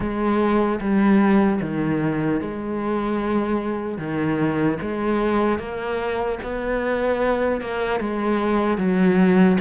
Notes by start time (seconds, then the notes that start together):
0.00 G#3
0.80 G3
1.61 D#3
2.40 G#3
3.98 D#3
4.81 G#3
5.58 A#3
6.43 B3
7.61 A#3
8.00 G#3
8.77 F#3